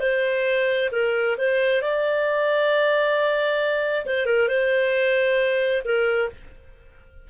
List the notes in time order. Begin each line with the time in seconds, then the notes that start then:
0.00 C5
0.92 A#4
1.38 C5
1.82 D5
4.06 C5
4.26 A#4
4.48 C5
5.85 A#4